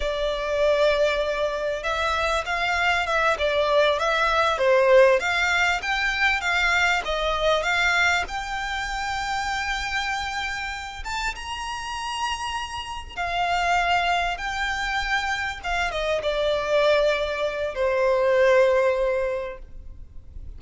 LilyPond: \new Staff \with { instrumentName = "violin" } { \time 4/4 \tempo 4 = 98 d''2. e''4 | f''4 e''8 d''4 e''4 c''8~ | c''8 f''4 g''4 f''4 dis''8~ | dis''8 f''4 g''2~ g''8~ |
g''2 a''8 ais''4.~ | ais''4. f''2 g''8~ | g''4. f''8 dis''8 d''4.~ | d''4 c''2. | }